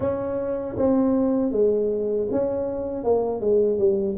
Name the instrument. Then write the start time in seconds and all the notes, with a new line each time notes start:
tuba
0.00 C#4
0.77 C4
1.51 G#3
2.31 C#4
3.04 A#3
3.40 G#3
3.78 G3